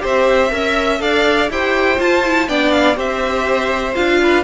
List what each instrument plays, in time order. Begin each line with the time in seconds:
0.00 cello C4, viola G4, violin C5
0.06 violin E5
0.50 cello C#4, viola A#4, violin E5
0.99 cello D4, viola A4, violin D5 F5
1.50 cello E4, viola G4, violin C5 G5
1.97 viola F4, cello F4, violin A5
2.24 viola E4
2.48 cello B3, viola D4, violin D5 G5
2.71 violin F5
2.95 cello C4, viola G4, violin C5 E5
3.95 cello D4, viola F4, violin F5
4.23 violin B4